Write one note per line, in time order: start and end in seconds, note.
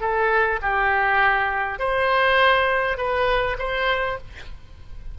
0.00 0.59 A4
0.62 1.79 G4
1.79 2.97 C5
2.97 3.57 B4
3.58 4.18 C5